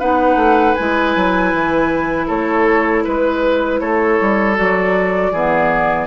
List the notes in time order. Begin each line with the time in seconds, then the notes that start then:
0.00 B3 D#4 B4 F#5
0.36 A3
0.75 G#3 E4 G#5
1.16 F#3
1.54 E3
2.28 A3 A4 C#5
3.04 G#3 B4
3.80 A3 A4 C#5
4.21 G3
4.56 F#3 F#4 D5
5.32 E3 B3 G#4